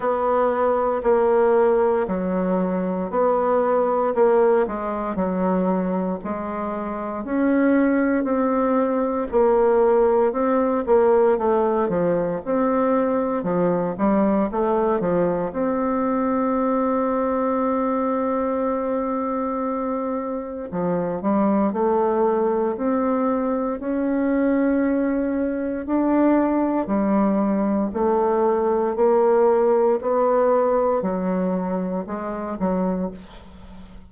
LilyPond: \new Staff \with { instrumentName = "bassoon" } { \time 4/4 \tempo 4 = 58 b4 ais4 fis4 b4 | ais8 gis8 fis4 gis4 cis'4 | c'4 ais4 c'8 ais8 a8 f8 | c'4 f8 g8 a8 f8 c'4~ |
c'1 | f8 g8 a4 c'4 cis'4~ | cis'4 d'4 g4 a4 | ais4 b4 fis4 gis8 fis8 | }